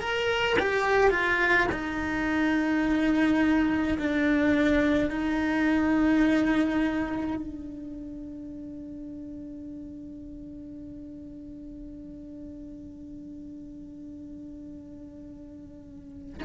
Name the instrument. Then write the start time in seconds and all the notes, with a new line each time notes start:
cello
0.00 A#4
0.59 G4
1.10 F4
1.71 D#4
3.98 D4
5.09 D#4
7.36 D4